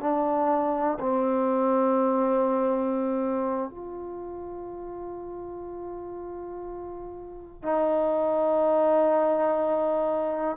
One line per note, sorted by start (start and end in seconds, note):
0.00 0.98 D4
1.00 3.69 C4
3.69 7.62 F4
7.62 10.56 D#4